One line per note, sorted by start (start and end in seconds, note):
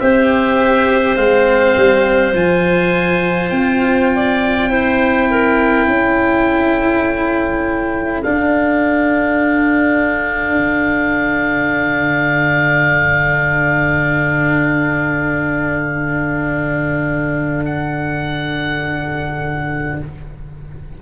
0.00 1.16 C4
0.00 1.16 G4
0.00 4.13 C5
0.00 1.16 E5
1.16 1.75 G#3
1.16 2.34 C4
1.16 2.34 F5
1.77 2.34 G3
2.34 3.51 F3
2.34 4.70 F4
2.34 3.50 G#5
3.50 5.87 C4
3.50 8.21 G5
4.15 4.69 D5
4.69 8.23 E4
4.69 5.28 C5
5.31 5.87 A#4
5.87 8.23 C#4
5.87 19.99 A4
8.23 10.58 D4
8.23 20.02 D4
8.23 17.64 F5
10.58 19.99 D3
17.65 20.00 F#5